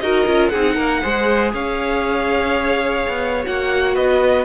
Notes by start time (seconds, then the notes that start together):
0.00 D#4 F#4 A#4 D#5
0.26 C#4 F4
0.48 C4 G#4 F#5
0.55 D#4
0.75 A#3 A#4
1.02 G#3 G#4 C5
1.53 C#4 C#5 F5
3.07 B3
3.43 A#3 F#4 F#5
3.94 B3 B4 D#5